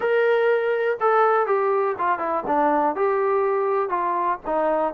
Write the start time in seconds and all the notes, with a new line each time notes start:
0.00 A#4
1.00 A4
1.46 G4
1.98 F4
2.19 E4
2.47 D4
2.95 G4
3.89 F4
4.46 D#4